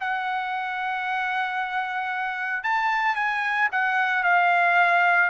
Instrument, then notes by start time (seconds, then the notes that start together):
trumpet
0.00 F#5
2.63 A5
3.16 G#5
3.72 F#5
4.23 F5